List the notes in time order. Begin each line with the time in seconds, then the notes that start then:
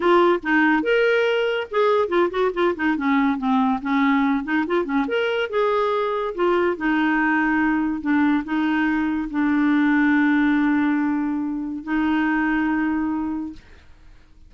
0.00 F4
0.42 D#4
0.82 A#4
1.70 G#4
2.08 F4
2.30 F#4
2.53 F4
2.75 D#4
2.96 C#4
3.37 C4
3.81 C#4
4.44 D#4
4.66 F4
4.85 C#4
5.07 A#4
5.49 G#4
6.34 F4
6.76 D#4
8.01 D4
8.44 D#4
9.30 D4
11.83 D#4